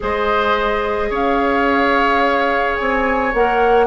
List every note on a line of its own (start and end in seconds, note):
0.00 1.10 G#3
0.00 3.33 G#4
0.00 1.10 C5
0.00 1.13 D#5
1.10 2.77 C#4
1.10 3.86 C#5
1.10 2.77 F5
2.77 3.33 C4
2.77 3.32 G#5
3.33 3.86 A#3
3.33 3.86 A#4
3.33 3.86 F#5